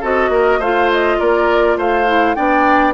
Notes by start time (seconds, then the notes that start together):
0.00 C4 F#4 A4 D#5
0.29 A#3 A#4
0.59 A3 F4 C5 F5
0.91 D#5
1.19 A#3 A#4 D5
1.77 A3 C5 F5
2.07 E4
2.34 B3 D4 D5 G5